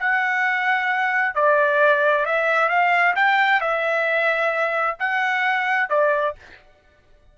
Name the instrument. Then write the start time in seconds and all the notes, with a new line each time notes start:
trumpet
0.00 F#5
1.35 D5
2.26 E5
2.69 F5
3.16 G5
3.61 E5
5.00 F#5
5.90 D5